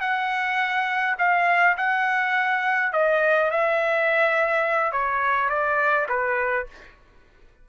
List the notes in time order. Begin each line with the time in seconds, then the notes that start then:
0.00 F#5
1.18 F5
1.77 F#5
2.93 D#5
3.51 E5
4.92 C#5
5.49 D5
6.09 B4